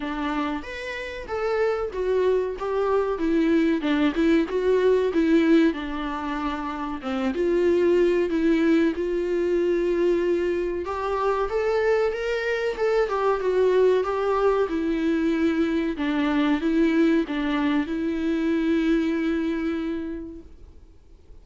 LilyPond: \new Staff \with { instrumentName = "viola" } { \time 4/4 \tempo 4 = 94 d'4 b'4 a'4 fis'4 | g'4 e'4 d'8 e'8 fis'4 | e'4 d'2 c'8 f'8~ | f'4 e'4 f'2~ |
f'4 g'4 a'4 ais'4 | a'8 g'8 fis'4 g'4 e'4~ | e'4 d'4 e'4 d'4 | e'1 | }